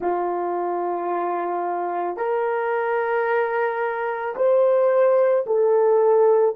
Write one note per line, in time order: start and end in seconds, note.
0.00 2.16 F4
2.16 4.34 A#4
4.35 5.44 C5
5.46 6.55 A4